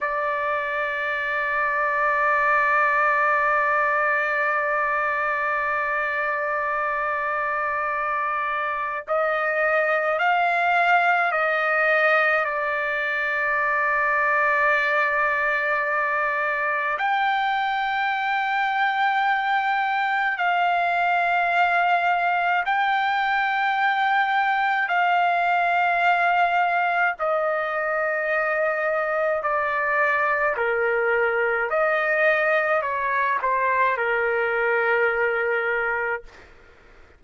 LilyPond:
\new Staff \with { instrumentName = "trumpet" } { \time 4/4 \tempo 4 = 53 d''1~ | d''1 | dis''4 f''4 dis''4 d''4~ | d''2. g''4~ |
g''2 f''2 | g''2 f''2 | dis''2 d''4 ais'4 | dis''4 cis''8 c''8 ais'2 | }